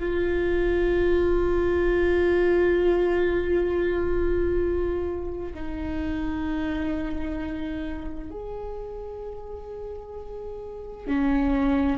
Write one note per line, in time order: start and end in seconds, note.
0.00 5.54 F4
5.55 8.31 D#4
8.31 11.08 G#4
11.08 11.98 C#4